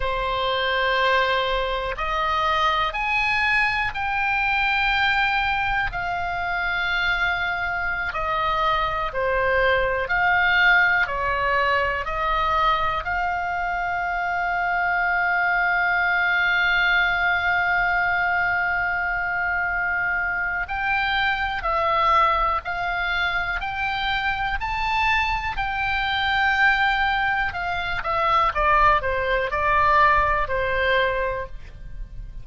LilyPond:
\new Staff \with { instrumentName = "oboe" } { \time 4/4 \tempo 4 = 61 c''2 dis''4 gis''4 | g''2 f''2~ | f''16 dis''4 c''4 f''4 cis''8.~ | cis''16 dis''4 f''2~ f''8.~ |
f''1~ | f''4 g''4 e''4 f''4 | g''4 a''4 g''2 | f''8 e''8 d''8 c''8 d''4 c''4 | }